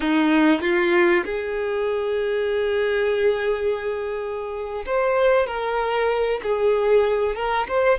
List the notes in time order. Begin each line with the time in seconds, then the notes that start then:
0.00 D#4
0.61 F4
1.25 G#4
4.86 C5
5.46 A#4
6.42 G#4
7.35 A#4
7.68 C5